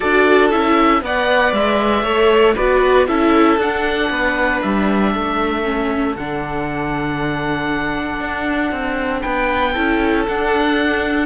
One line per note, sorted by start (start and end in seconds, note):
0.00 0.52 D4
0.00 0.51 F#4
0.00 1.01 A4
0.00 0.49 D5
0.50 1.01 C#4
0.50 1.02 E4
0.50 1.02 E5
1.01 1.52 B3
1.01 2.04 B4
1.01 2.03 D5
1.01 1.53 F#5
1.52 2.03 G#3
1.52 2.56 E5
2.03 2.54 A3
2.03 2.56 A4
2.03 2.54 C#5
2.55 3.08 B3
2.55 3.07 F#4
2.55 3.07 B4
2.55 3.07 D5
3.07 3.57 C#4
3.07 3.59 E4
3.07 4.10 A4
3.07 3.59 E5
3.57 4.08 D4
3.57 5.63 D4
3.57 4.62 F#5
4.09 4.60 B3
4.09 5.13 B4
4.62 5.14 G3
4.62 6.15 E5
5.13 6.15 A3
5.13 9.22 A4
5.63 6.15 C#4
6.15 8.20 D3
6.15 9.75 D4
6.15 9.21 F#5
8.20 8.71 D4
8.71 9.22 C4
9.21 9.76 B3
9.21 9.73 B4
9.21 10.23 G5
9.73 10.27 C#4
9.73 10.26 E4
9.73 11.25 A4
10.27 11.25 D4
10.27 11.25 F#5